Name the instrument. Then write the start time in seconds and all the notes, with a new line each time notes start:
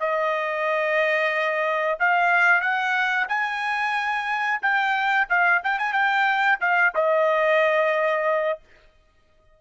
trumpet
0.00 D#5
2.00 F5
2.61 F#5
3.28 G#5
4.62 G5
5.29 F5
5.63 G5
5.79 G#5
5.93 G5
6.61 F5
6.95 D#5